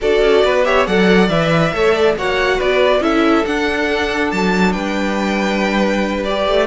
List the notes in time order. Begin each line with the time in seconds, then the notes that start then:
0.01 D4 F#4 A4 D5
0.21 C#4
0.44 B3 B4
0.64 G4 C#5 E5
0.86 F#3 A4 D5 F#5
1.29 E3 B4 E5
1.73 A3 A4 C#5
1.93 D5
2.16 A#3 F#4 C#5 F#5
2.57 B3 B4 D5
3.00 C#4 E4 A4 E5
3.45 D4 F#5
4.31 F#3 A5
4.72 G3 B4 G5
6.24 G4 D5
6.47 A3